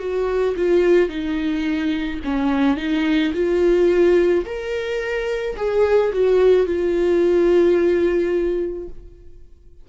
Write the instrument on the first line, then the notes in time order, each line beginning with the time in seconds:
viola
0.00 F#4
0.57 F4
1.09 D#4
2.25 C#4
2.77 D#4
3.34 F4
4.45 A#4
5.57 G#4
6.13 F#4
6.67 F4